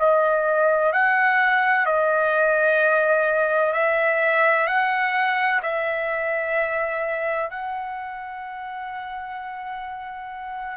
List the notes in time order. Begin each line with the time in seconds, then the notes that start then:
0.00 D#5
0.93 F#5
1.87 D#5
3.74 E5
4.67 F#5
5.63 E5
7.50 F#5